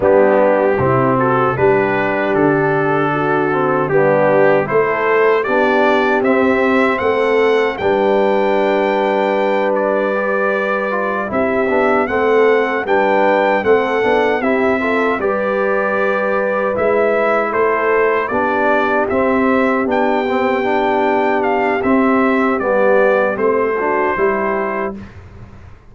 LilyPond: <<
  \new Staff \with { instrumentName = "trumpet" } { \time 4/4 \tempo 4 = 77 g'4. a'8 b'4 a'4~ | a'4 g'4 c''4 d''4 | e''4 fis''4 g''2~ | g''8 d''2 e''4 fis''8~ |
fis''8 g''4 fis''4 e''4 d''8~ | d''4. e''4 c''4 d''8~ | d''8 e''4 g''2 f''8 | e''4 d''4 c''2 | }
  \new Staff \with { instrumentName = "horn" } { \time 4/4 d'4 e'8 fis'8 g'2 | fis'4 d'4 a'4 g'4~ | g'4 a'4 b'2~ | b'2~ b'8 g'4 a'8~ |
a'8 b'4 a'4 g'8 a'8 b'8~ | b'2~ b'8 a'4 g'8~ | g'1~ | g'2~ g'8 fis'8 g'4 | }
  \new Staff \with { instrumentName = "trombone" } { \time 4/4 b4 c'4 d'2~ | d'8 c'8 b4 e'4 d'4 | c'2 d'2~ | d'4 g'4 f'8 e'8 d'8 c'8~ |
c'8 d'4 c'8 d'8 e'8 f'8 g'8~ | g'4. e'2 d'8~ | d'8 c'4 d'8 c'8 d'4. | c'4 b4 c'8 d'8 e'4 | }
  \new Staff \with { instrumentName = "tuba" } { \time 4/4 g4 c4 g4 d4~ | d4 g4 a4 b4 | c'4 a4 g2~ | g2~ g8 c'8 b8 a8~ |
a8 g4 a8 b8 c'4 g8~ | g4. gis4 a4 b8~ | b8 c'4 b2~ b8 | c'4 g4 a4 g4 | }
>>